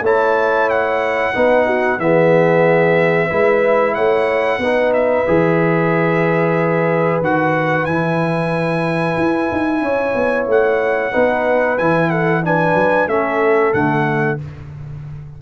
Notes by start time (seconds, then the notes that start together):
0.00 A3 E4 C#5 A5
0.69 F#5
1.34 B3 D#4 B4
1.66 F#4
1.98 E3 B3 G#4 E5
3.29 G#3 E4 B4
3.94 A3 C#5 F#5
4.58 B3 D#4 B4
4.93 E5
5.27 E3 G#4
7.21 D#3 F#4 F#5
7.85 E3 E4 G#5
9.17 E4
9.51 D#4
9.81 C#4 C#5
10.14 B3
10.47 A3 F#5
11.12 B3 D#4 B4
11.78 E3 E4 G#5
12.10 A4 F#5
12.43 D4 B4 G#5
12.75 F#3
13.07 A3 C#4 A4 E5
13.73 D3 A3 F#5